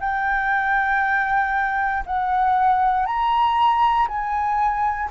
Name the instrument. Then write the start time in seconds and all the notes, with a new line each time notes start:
flute
0.00 G5
2.06 F#5
3.06 A#5
4.08 G#5